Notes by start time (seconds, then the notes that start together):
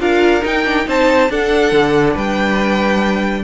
0.00 D4 F4 A#4 F5
0.41 D#4 G5
0.65 D4
0.85 C4 D#4 C5 A5
1.30 D4 A4 F#5
1.72 D3
2.14 G3 B4 G5